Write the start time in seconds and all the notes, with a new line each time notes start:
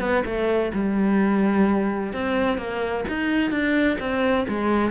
0.00 B3
0.25 A3
0.74 G3
2.13 C4
2.57 A#3
3.08 D#4
3.51 D4
4.00 C4
4.48 G#3